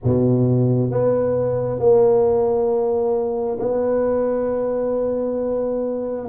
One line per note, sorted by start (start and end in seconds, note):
0.04 0.90 B2
0.90 1.79 B3
1.79 3.58 A#3
3.59 6.27 B3